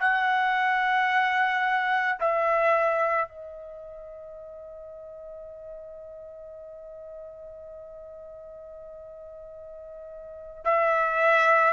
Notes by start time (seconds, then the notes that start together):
0.00 F#5
2.20 E5
3.29 D#5
10.65 E5